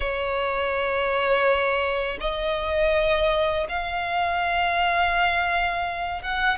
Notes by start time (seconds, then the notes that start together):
0.00 C#5
2.20 D#5
3.68 F5
6.22 F#5